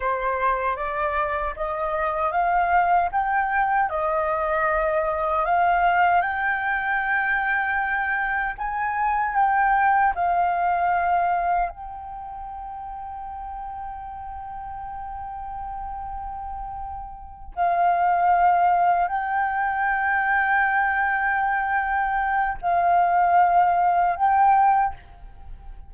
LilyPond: \new Staff \with { instrumentName = "flute" } { \time 4/4 \tempo 4 = 77 c''4 d''4 dis''4 f''4 | g''4 dis''2 f''4 | g''2. gis''4 | g''4 f''2 g''4~ |
g''1~ | g''2~ g''8 f''4.~ | f''8 g''2.~ g''8~ | g''4 f''2 g''4 | }